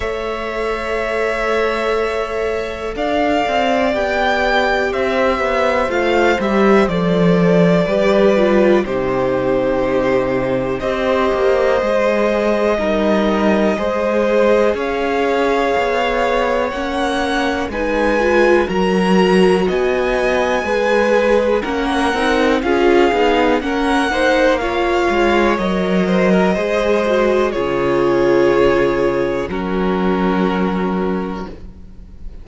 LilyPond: <<
  \new Staff \with { instrumentName = "violin" } { \time 4/4 \tempo 4 = 61 e''2. f''4 | g''4 e''4 f''8 e''8 d''4~ | d''4 c''2 dis''4~ | dis''2. f''4~ |
f''4 fis''4 gis''4 ais''4 | gis''2 fis''4 f''4 | fis''4 f''4 dis''2 | cis''2 ais'2 | }
  \new Staff \with { instrumentName = "violin" } { \time 4/4 cis''2. d''4~ | d''4 c''2. | b'4 g'2 c''4~ | c''4 ais'4 c''4 cis''4~ |
cis''2 b'4 ais'4 | dis''4 b'4 ais'4 gis'4 | ais'8 c''8 cis''4. c''16 ais'16 c''4 | gis'2 fis'2 | }
  \new Staff \with { instrumentName = "viola" } { \time 4/4 a'1 | g'2 f'8 g'8 a'4 | g'8 f'8 dis'2 g'4 | gis'4 dis'4 gis'2~ |
gis'4 cis'4 dis'8 f'8 fis'4~ | fis'4 gis'4 cis'8 dis'8 f'8 dis'8 | cis'8 dis'8 f'4 ais'4 gis'8 fis'8 | f'2 cis'2 | }
  \new Staff \with { instrumentName = "cello" } { \time 4/4 a2. d'8 c'8 | b4 c'8 b8 a8 g8 f4 | g4 c2 c'8 ais8 | gis4 g4 gis4 cis'4 |
b4 ais4 gis4 fis4 | b4 gis4 ais8 c'8 cis'8 b8 | ais4. gis8 fis4 gis4 | cis2 fis2 | }
>>